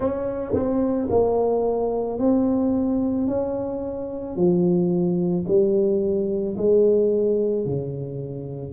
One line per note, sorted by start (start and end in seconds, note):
0.00 0.53 C#4
0.54 1.08 C4
1.10 2.18 A#3
2.18 3.27 C4
3.27 4.36 C#4
4.36 5.45 F3
5.47 6.56 G3
6.57 7.65 G#3
7.65 8.73 C#3